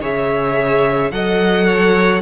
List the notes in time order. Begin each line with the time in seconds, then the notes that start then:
0.00 C#3 G#4 C#5 E5
1.11 F#3 A4 D#5 F#5
1.66 C#5